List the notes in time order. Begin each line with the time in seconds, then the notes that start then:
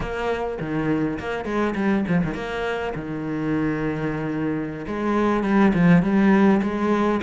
0.00 A#3
0.60 D#3
1.19 A#3
1.44 G#3
1.75 G3
2.08 F3
2.24 D#3
2.34 A#3
2.95 D#3
4.87 G#3
5.43 G3
5.74 F3
6.02 G3
6.62 G#3